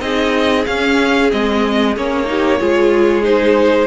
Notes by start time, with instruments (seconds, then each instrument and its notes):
0.00 cello C4, viola D#4, violin G#4 D#5
0.66 viola C#4, cello C#4, violin F5
1.30 cello G#3, viola C4, violin D#5
1.96 cello A#3, viola C#4, violin C#5
2.25 viola D#4, violin G4
2.59 cello G#3, viola F4, violin G#4
3.22 viola D#4, violin C5